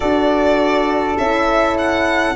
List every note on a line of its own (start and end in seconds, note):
0.00 1.17 D4
0.00 1.17 F#4
0.00 2.35 A4
0.00 1.16 D5
1.17 2.35 C#4
1.17 2.35 E4
1.17 1.76 E5
1.77 2.35 F#5